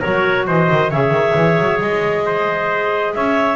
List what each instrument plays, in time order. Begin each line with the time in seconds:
0.00 double bass F#3, clarinet F#4 C#5, trumpet A#4
0.47 double bass E3, trumpet C5, clarinet D#5
0.70 double bass D#3
0.90 double bass C#3, clarinet G#4 E5, trumpet C#5
1.11 double bass D#3
1.36 double bass E3
1.59 double bass F#3
1.81 double bass G#3, clarinet D#5
2.26 trumpet C5
3.14 double bass C#4, trumpet C#5, clarinet E5